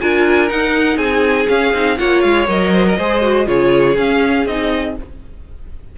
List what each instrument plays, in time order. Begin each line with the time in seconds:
0.00 cello D4, viola F4, violin A#4 G#5
0.48 viola D#4, cello D#4, violin F#5
0.96 cello C4, violin G#4 G#5
1.48 viola C#4, cello C#4, violin F5
1.73 cello C4, viola D#4
1.97 cello A#3, viola F4, violin C#5 F#5
2.21 cello G#3, violin F5
2.47 cello F#3, viola A#4, violin D#5
2.73 violin C5
2.87 violin A#4
2.97 cello G#3, viola G#4, violin C5
3.22 viola F#4
3.46 cello C#3, viola F4, violin G#4 C#5
3.96 cello C#4, viola C#4, violin F5
4.46 cello C4, viola D#4, violin D#5